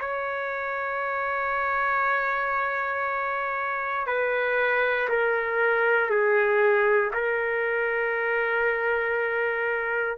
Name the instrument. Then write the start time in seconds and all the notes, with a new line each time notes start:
trumpet
0.00 C#5
4.07 B4
5.09 A#4
6.10 G#4
7.14 A#4